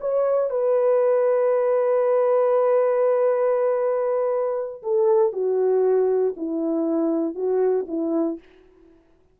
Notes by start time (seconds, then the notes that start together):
0.00 C#5
0.50 B4
4.83 A4
5.33 F#4
6.37 E4
7.35 F#4
7.88 E4